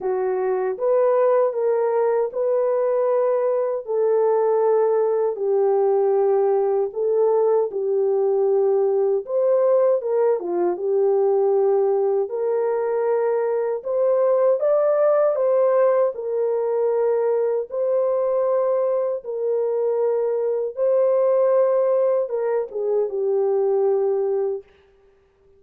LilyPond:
\new Staff \with { instrumentName = "horn" } { \time 4/4 \tempo 4 = 78 fis'4 b'4 ais'4 b'4~ | b'4 a'2 g'4~ | g'4 a'4 g'2 | c''4 ais'8 f'8 g'2 |
ais'2 c''4 d''4 | c''4 ais'2 c''4~ | c''4 ais'2 c''4~ | c''4 ais'8 gis'8 g'2 | }